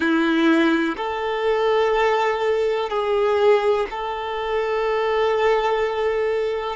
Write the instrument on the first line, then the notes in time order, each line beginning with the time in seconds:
violin
0.00 E4
0.96 A4
2.89 G#4
3.90 A4